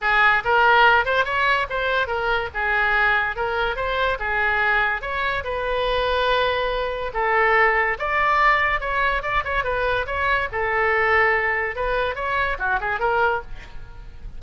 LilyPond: \new Staff \with { instrumentName = "oboe" } { \time 4/4 \tempo 4 = 143 gis'4 ais'4. c''8 cis''4 | c''4 ais'4 gis'2 | ais'4 c''4 gis'2 | cis''4 b'2.~ |
b'4 a'2 d''4~ | d''4 cis''4 d''8 cis''8 b'4 | cis''4 a'2. | b'4 cis''4 fis'8 gis'8 ais'4 | }